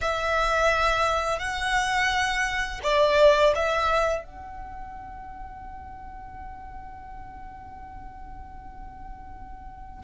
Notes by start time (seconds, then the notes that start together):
0.01 E5
1.38 F#5
2.83 D5
3.55 E5
4.24 F#5